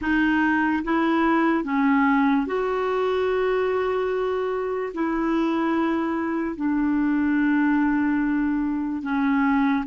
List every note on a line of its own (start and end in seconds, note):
0.01 0.83 D#4
0.84 1.64 E4
1.64 2.46 C#4
2.46 4.92 F#4
4.94 6.55 E4
6.55 9.02 D4
9.02 9.84 C#4